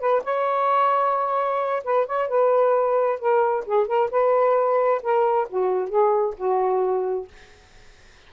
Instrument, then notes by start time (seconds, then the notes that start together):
saxophone
0.00 B4
0.24 C#5
1.84 B4
2.06 C#5
2.29 B4
3.20 A#4
3.65 G#4
3.87 A#4
4.11 B4
5.03 A#4
5.50 F#4
5.89 G#4
6.37 F#4